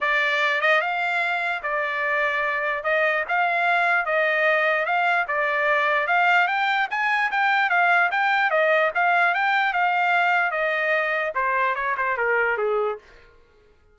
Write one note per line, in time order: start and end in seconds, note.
0.01 0.61 D5
0.61 0.81 D#5
0.81 1.62 F5
1.63 2.83 D5
2.83 3.24 D#5
3.28 4.05 F5
4.05 4.85 D#5
4.85 5.26 F5
5.27 6.07 D5
6.07 6.47 F5
6.47 6.88 G5
6.90 7.30 G#5
7.31 7.69 G5
7.69 8.10 F5
8.11 8.50 G5
8.50 8.91 D#5
8.94 9.34 F5
9.34 9.73 G5
9.73 10.51 F5
10.51 11.32 D#5
11.34 11.75 C5
11.75 11.95 C#5
11.97 12.17 C5
12.17 12.57 A#4
12.57 12.98 G#4